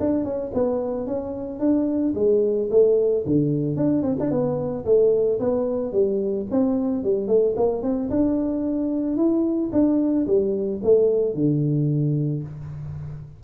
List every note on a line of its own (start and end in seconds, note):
0.00 0.25 D4
0.25 0.52 C#4
0.54 1.07 B3
1.07 1.60 C#4
1.60 2.14 D4
2.15 2.69 G#3
2.71 3.25 A3
3.26 3.77 D3
3.77 4.02 D4
4.02 4.16 C4
4.20 4.31 D4
4.31 4.85 B3
4.85 5.39 A3
5.40 5.93 B3
5.93 6.47 G3
6.51 7.04 C4
7.04 7.28 G3
7.28 7.55 A3
7.56 7.83 A#3
7.83 8.10 C4
8.10 9.16 D4
9.16 9.71 E4
9.72 10.27 D4
10.27 10.81 G3
10.83 11.35 A3
11.35 12.43 D3